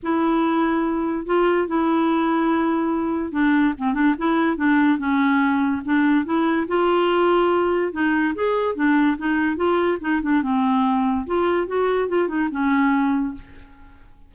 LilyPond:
\new Staff \with { instrumentName = "clarinet" } { \time 4/4 \tempo 4 = 144 e'2. f'4 | e'1 | d'4 c'8 d'8 e'4 d'4 | cis'2 d'4 e'4 |
f'2. dis'4 | gis'4 d'4 dis'4 f'4 | dis'8 d'8 c'2 f'4 | fis'4 f'8 dis'8 cis'2 | }